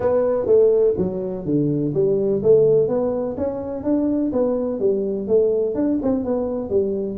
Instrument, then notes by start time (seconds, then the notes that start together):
tuba
0.00 B3
0.46 A3
0.97 F#3
1.45 D3
1.93 G3
2.42 A3
2.88 B3
3.37 C#4
3.83 D4
4.32 B3
4.79 G3
5.27 A3
5.75 D4
6.02 C4
6.24 B3
6.69 G3